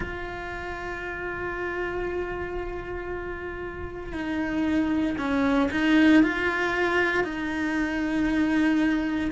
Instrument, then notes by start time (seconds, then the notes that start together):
cello
0.00 F4
4.12 D#4
5.17 C#4
5.71 D#4
6.23 F4
7.24 D#4